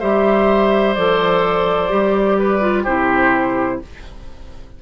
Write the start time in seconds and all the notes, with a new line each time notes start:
0.00 G3 G4 C5 E5
0.95 F3 A4 D5
1.89 G3 G4
2.39 B4
2.61 F4
2.84 C3 E4 G4 C5